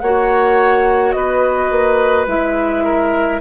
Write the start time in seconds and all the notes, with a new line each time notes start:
0.00 A#3 F#4 C#5 F#5
1.12 B3 B4 D#5
1.71 A#3
2.27 G#3 E4 E5
2.84 A#4